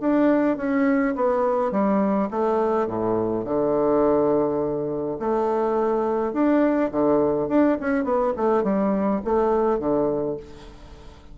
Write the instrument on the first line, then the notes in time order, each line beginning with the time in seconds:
bassoon
0.00 D4
0.57 C#4
1.15 B3
1.71 G3
2.31 A3
2.87 A2
3.45 D3
5.19 A3
6.33 D4
6.91 D3
7.48 D4
7.80 C#4
8.04 B3
8.37 A3
8.63 G3
9.24 A3
9.79 D3